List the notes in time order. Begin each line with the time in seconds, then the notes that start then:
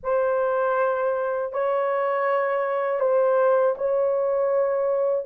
0.03 C5
1.52 C#5
3.00 C5
3.77 C#5